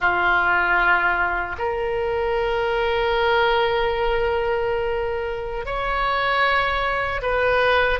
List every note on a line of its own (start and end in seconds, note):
0.00 1.56 F4
1.58 5.65 A#4
5.65 7.21 C#5
7.21 7.99 B4